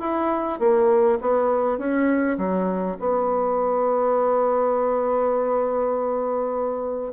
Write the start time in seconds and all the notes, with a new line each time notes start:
0.00 E4
0.59 A#3
1.21 B3
1.78 C#4
2.38 F#3
3.00 B3